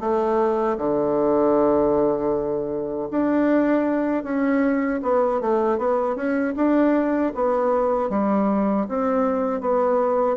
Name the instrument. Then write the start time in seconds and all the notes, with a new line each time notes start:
bassoon
0.00 A3
0.78 D3
3.11 D4
4.23 C#4
5.02 B3
5.41 A3
5.78 B3
6.16 C#4
6.56 D4
7.35 B3
8.10 G3
8.88 C4
9.61 B3